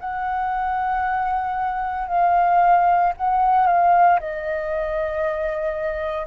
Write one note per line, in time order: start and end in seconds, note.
0.00 2.08 F#5
2.08 3.13 F5
3.17 3.67 F#5
3.67 4.19 F5
4.20 6.27 D#5